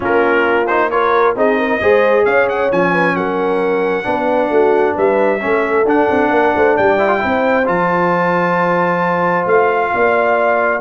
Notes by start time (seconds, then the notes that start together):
0.00 A#3 C#4 F4 A#4
0.67 D#4 C5
0.90 F4 A#4 C#5
1.35 C4 D#4 G#4 D#5
1.58 A#4
1.81 G#3 G#4 C5
2.24 C#4 C#5 F5
2.48 F#5
2.70 F3 C#4 G#5
2.92 B4
3.15 F#3 A#4 F#5
4.03 B3 D4 B4
4.49 A3 F#4
4.94 G3 B4 E5
5.40 A3 C#4 A4
5.85 D4 F#5
6.10 C4
6.30 A#3 A#4
6.55 A3 C5
6.74 G3 D5 G5
6.98 E4
7.07 F4
7.18 C4 E4 C5
7.65 F3 F4 A5
9.46 A3 F5
9.94 A#3 D5